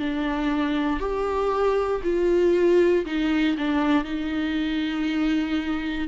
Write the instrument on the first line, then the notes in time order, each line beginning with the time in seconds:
viola
0.00 D4
1.00 G4
2.04 F4
3.06 D#4
3.58 D4
4.05 D#4